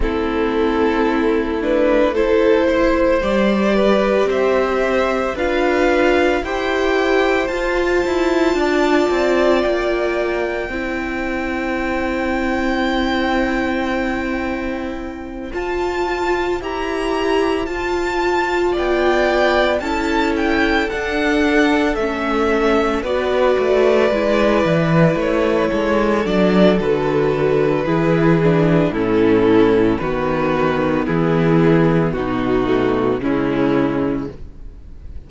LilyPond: <<
  \new Staff \with { instrumentName = "violin" } { \time 4/4 \tempo 4 = 56 a'4. b'8 c''4 d''4 | e''4 f''4 g''4 a''4~ | a''4 g''2.~ | g''2~ g''8 a''4 ais''8~ |
ais''8 a''4 g''4 a''8 g''8 fis''8~ | fis''8 e''4 d''2 cis''8~ | cis''8 d''8 b'2 a'4 | b'4 gis'4 fis'4 e'4 | }
  \new Staff \with { instrumentName = "violin" } { \time 4/4 e'2 a'8 c''4 b'8 | c''4 b'4 c''2 | d''2 c''2~ | c''1~ |
c''4. d''4 a'4.~ | a'4. b'2~ b'8 | a'2 gis'4 e'4 | fis'4 e'4 dis'4 cis'4 | }
  \new Staff \with { instrumentName = "viola" } { \time 4/4 c'4. d'8 e'4 g'4~ | g'4 f'4 g'4 f'4~ | f'2 e'2~ | e'2~ e'8 f'4 g'8~ |
g'8 f'2 e'4 d'8~ | d'8 cis'4 fis'4 e'4.~ | e'8 d'8 fis'4 e'8 d'8 cis'4 | b2~ b8 a8 gis4 | }
  \new Staff \with { instrumentName = "cello" } { \time 4/4 a2. g4 | c'4 d'4 e'4 f'8 e'8 | d'8 c'8 ais4 c'2~ | c'2~ c'8 f'4 e'8~ |
e'8 f'4 b4 cis'4 d'8~ | d'8 a4 b8 a8 gis8 e8 a8 | gis8 fis8 d4 e4 a,4 | dis4 e4 b,4 cis4 | }
>>